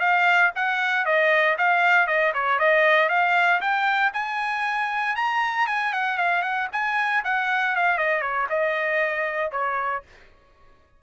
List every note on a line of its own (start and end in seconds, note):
0.00 0.51 F5
0.55 1.05 F#5
1.05 1.57 D#5
1.58 2.07 F5
2.07 2.33 D#5
2.34 2.59 C#5
2.59 3.09 D#5
3.09 3.61 F5
3.61 4.12 G5
4.14 5.16 G#5
5.16 5.67 A#5
5.67 5.93 G#5
5.93 6.18 F#5
6.18 6.42 F5
6.42 6.68 F#5
6.72 7.24 G#5
7.24 7.76 F#5
7.76 7.98 F5
7.98 8.21 D#5
8.21 8.47 C#5
8.49 9.52 D#5
9.52 10.03 C#5